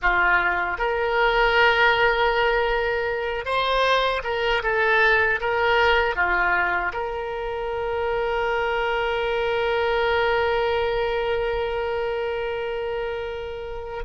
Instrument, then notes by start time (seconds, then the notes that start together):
oboe
0.02 F4
0.77 A#4
3.45 C5
4.23 A#4
4.63 A4
5.40 A#4
6.15 F4
6.92 A#4